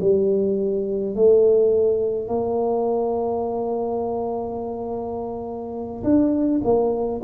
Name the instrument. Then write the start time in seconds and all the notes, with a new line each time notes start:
tuba
0.00 G3
1.15 A3
2.28 A#3
6.03 D4
6.63 A#3